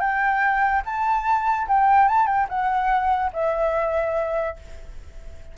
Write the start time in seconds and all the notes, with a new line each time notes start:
0.00 G5
0.85 A5
1.68 G5
2.08 A5
2.26 G5
2.49 F#5
3.33 E5